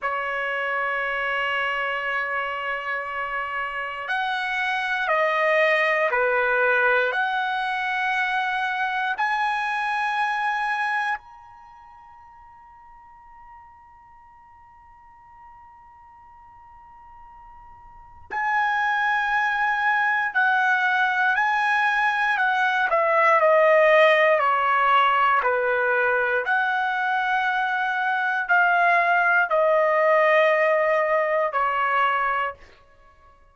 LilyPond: \new Staff \with { instrumentName = "trumpet" } { \time 4/4 \tempo 4 = 59 cis''1 | fis''4 dis''4 b'4 fis''4~ | fis''4 gis''2 ais''4~ | ais''1~ |
ais''2 gis''2 | fis''4 gis''4 fis''8 e''8 dis''4 | cis''4 b'4 fis''2 | f''4 dis''2 cis''4 | }